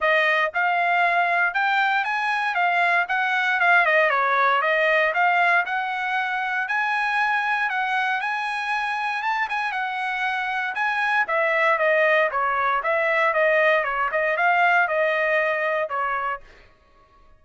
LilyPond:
\new Staff \with { instrumentName = "trumpet" } { \time 4/4 \tempo 4 = 117 dis''4 f''2 g''4 | gis''4 f''4 fis''4 f''8 dis''8 | cis''4 dis''4 f''4 fis''4~ | fis''4 gis''2 fis''4 |
gis''2 a''8 gis''8 fis''4~ | fis''4 gis''4 e''4 dis''4 | cis''4 e''4 dis''4 cis''8 dis''8 | f''4 dis''2 cis''4 | }